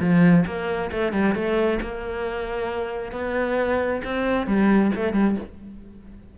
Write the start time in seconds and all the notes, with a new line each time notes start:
0.00 F3
0.46 A#3
0.92 A3
1.12 G3
1.35 A3
1.82 A#3
3.12 B3
4.04 C4
4.47 G3
4.96 A3
5.13 G3